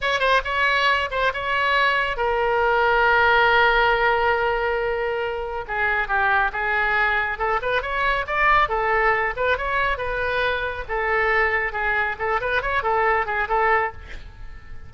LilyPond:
\new Staff \with { instrumentName = "oboe" } { \time 4/4 \tempo 4 = 138 cis''8 c''8 cis''4. c''8 cis''4~ | cis''4 ais'2.~ | ais'1~ | ais'4 gis'4 g'4 gis'4~ |
gis'4 a'8 b'8 cis''4 d''4 | a'4. b'8 cis''4 b'4~ | b'4 a'2 gis'4 | a'8 b'8 cis''8 a'4 gis'8 a'4 | }